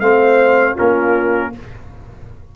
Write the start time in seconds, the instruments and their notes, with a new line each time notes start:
0.00 tuba A3, trombone C4, horn C5, trumpet F5
0.74 tuba A#3, trombone C#4, horn F4, trumpet A#4